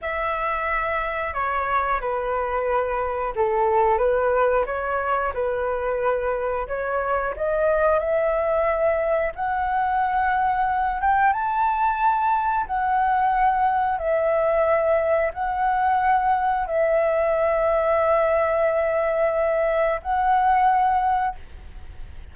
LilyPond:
\new Staff \with { instrumentName = "flute" } { \time 4/4 \tempo 4 = 90 e''2 cis''4 b'4~ | b'4 a'4 b'4 cis''4 | b'2 cis''4 dis''4 | e''2 fis''2~ |
fis''8 g''8 a''2 fis''4~ | fis''4 e''2 fis''4~ | fis''4 e''2.~ | e''2 fis''2 | }